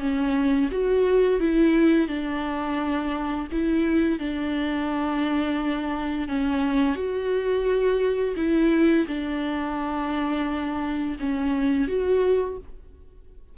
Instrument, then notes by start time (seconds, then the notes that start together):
viola
0.00 C#4
0.72 F#4
1.40 E4
2.08 D4
3.52 E4
4.19 D4
6.29 C#4
6.95 F#4
8.37 E4
9.08 D4
11.20 C#4
11.88 F#4